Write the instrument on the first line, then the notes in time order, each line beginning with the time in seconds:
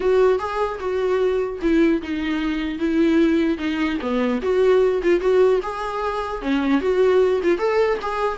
viola
0.00 F#4
0.38 G#4
0.79 F#4
1.61 E4
2.02 D#4
2.79 E4
3.57 D#4
4.01 B3
4.41 F#4
5.03 F4
5.20 F#4
5.62 G#4
6.41 C#4
6.80 F#4
7.43 F4
7.58 A4
8.01 G#4